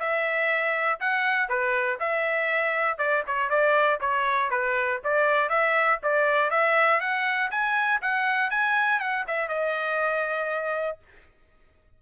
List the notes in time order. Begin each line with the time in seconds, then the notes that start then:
0.00 E5
1.00 F#5
1.49 B4
2.00 E5
2.98 D5
3.27 C#5
3.50 D5
4.01 C#5
4.51 B4
5.04 D5
5.50 E5
6.03 D5
6.51 E5
7.01 F#5
7.51 G#5
8.02 F#5
8.51 G#5
9.00 F#5
9.28 E5
9.49 D#5